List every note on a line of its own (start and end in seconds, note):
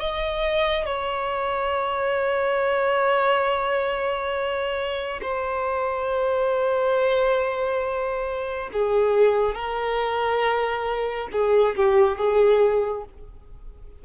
0.00 0.86 D#5
0.86 5.21 C#5
5.22 8.70 C5
8.73 9.55 G#4
9.55 11.29 A#4
11.32 11.75 G#4
11.76 12.18 G4
12.18 13.05 G#4